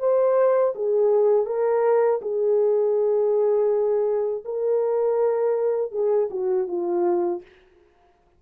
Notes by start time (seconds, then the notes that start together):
0.00 C5
0.75 G#4
1.46 A#4
2.22 G#4
4.45 A#4
5.92 G#4
6.31 F#4
6.68 F4